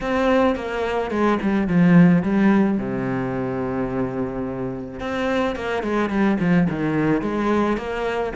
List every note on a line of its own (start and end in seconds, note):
0.00 0.55 C4
0.55 1.10 A#3
1.10 1.38 G#3
1.41 1.67 G3
1.67 2.22 F3
2.22 2.78 G3
2.78 5.00 C3
5.00 5.55 C4
5.55 5.82 A#3
5.82 6.09 G#3
6.09 6.37 G3
6.39 6.67 F3
6.69 7.21 D#3
7.21 7.77 G#3
7.77 8.33 A#3